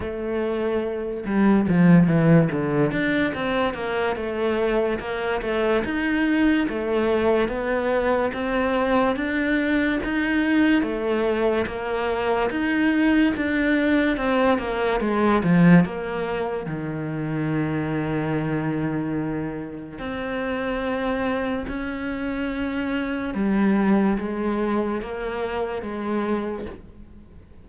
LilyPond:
\new Staff \with { instrumentName = "cello" } { \time 4/4 \tempo 4 = 72 a4. g8 f8 e8 d8 d'8 | c'8 ais8 a4 ais8 a8 dis'4 | a4 b4 c'4 d'4 | dis'4 a4 ais4 dis'4 |
d'4 c'8 ais8 gis8 f8 ais4 | dis1 | c'2 cis'2 | g4 gis4 ais4 gis4 | }